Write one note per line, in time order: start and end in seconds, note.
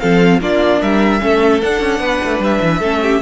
0.00 0.41 F3
0.00 0.41 C4
0.00 0.41 A4
0.00 0.40 F5
0.41 0.81 A#3
0.41 1.20 D4
0.41 0.81 F4
0.41 0.82 D5
0.81 1.22 G3
0.81 1.21 A#4
0.81 1.62 E5
1.20 1.63 A3
1.20 1.60 C#4
1.20 2.00 A4
1.62 2.82 D4
1.62 1.80 D4
1.62 2.42 F#5
1.80 2.00 C#4
2.00 2.20 B3
2.00 2.80 B4
2.25 2.40 A3
2.40 2.60 G3
2.40 3.22 E5
2.61 2.81 E3
2.80 3.21 A3
2.80 3.22 C#4
2.80 3.00 A4
3.02 3.22 G4